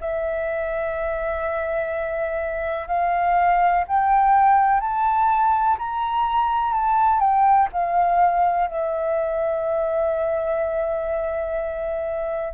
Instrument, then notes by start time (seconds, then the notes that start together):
flute
0.00 E5
2.87 F5
3.88 G5
4.80 A5
5.78 A#5
6.73 A5
7.20 G5
7.72 F5
8.67 E5